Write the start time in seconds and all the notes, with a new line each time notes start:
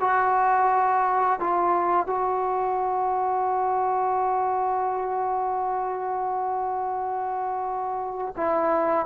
0.00 F#4
1.40 F4
2.06 F#4
8.37 E4